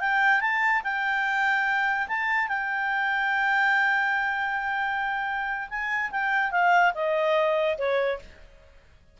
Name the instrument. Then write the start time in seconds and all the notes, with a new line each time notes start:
clarinet
0.00 G5
0.40 A5
0.84 G5
2.08 A5
2.48 G5
5.69 G#5
6.11 G5
6.51 F5
6.94 D#5
7.78 C#5